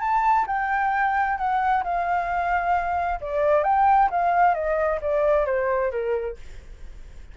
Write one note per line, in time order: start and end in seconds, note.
0.00 0.45 A5
0.46 1.37 G5
1.37 1.83 F#5
1.83 3.20 F5
3.20 3.63 D5
3.63 4.09 G5
4.10 4.54 F5
4.54 4.99 D#5
5.01 5.45 D5
5.45 5.91 C5
5.91 6.36 A#4